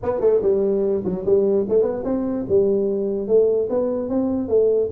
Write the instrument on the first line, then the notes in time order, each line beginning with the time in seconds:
tuba
0.02 B3
0.20 A3
0.42 G3
1.04 F#3
1.25 G3
1.68 A3
1.82 B3
2.04 C4
2.48 G3
3.27 A3
3.69 B3
4.09 C4
4.48 A3